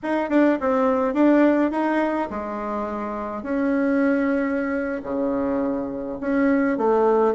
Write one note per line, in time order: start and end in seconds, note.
0.02 0.29 D#4
0.29 0.58 D4
0.60 1.14 C4
1.14 1.71 D4
1.71 2.28 D#4
2.30 3.42 G#3
3.42 5.01 C#4
5.03 6.18 C#3
6.20 6.77 C#4
6.77 7.34 A3